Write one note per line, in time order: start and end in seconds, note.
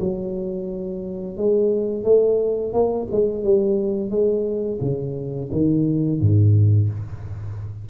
0.00 1.37 F#3
1.37 2.04 G#3
2.04 2.73 A3
2.73 3.08 A#3
3.11 3.44 G#3
3.44 4.10 G3
4.10 4.79 G#3
4.81 5.50 C#3
5.52 6.21 D#3
6.21 6.90 G#2